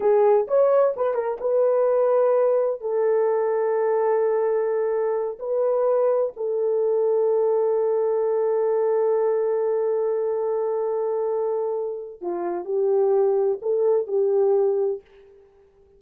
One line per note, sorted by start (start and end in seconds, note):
0.00 0.46 G#4
0.47 0.94 C#5
0.96 1.14 B4
1.14 1.37 A#4
1.40 2.80 B4
2.80 5.38 A4
5.39 6.32 B4
6.36 12.21 A4
12.21 12.65 F4
12.65 13.58 G4
13.61 14.07 A4
14.07 15.01 G4